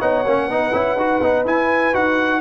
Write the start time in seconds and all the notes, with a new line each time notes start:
0.00 B3 D#4 C#5 F#5
0.26 A#3 C#4
0.48 B3 D#4 B4
0.73 C#4 E4
0.96 D#4 F#4
1.21 B3 D#4
1.46 E4 G#5
1.94 D#4 F#4 F#5